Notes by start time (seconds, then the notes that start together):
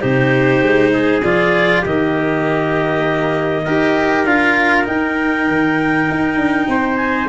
0.00 C3 D#4 G4 C5
0.62 G#3
0.93 G#4
1.23 F3 F4 D5
1.81 D#3 A#3 G4 D#5
3.65 D#4 G4 A#4
4.24 D4 F4 F5
4.84 D#4 G5
5.48 D#3
6.10 D#4
6.36 D4
6.68 C4 C5
6.96 G#5